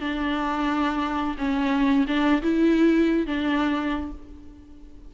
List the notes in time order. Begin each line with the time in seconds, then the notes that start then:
0.00 D4
1.38 C#4
2.07 D4
2.42 E4
3.26 D4